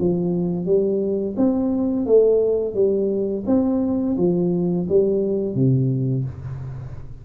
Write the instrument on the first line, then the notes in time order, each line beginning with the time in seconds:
tuba
0.00 F3
0.66 G3
1.37 C4
2.06 A3
2.75 G3
3.47 C4
4.18 F3
4.89 G3
5.55 C3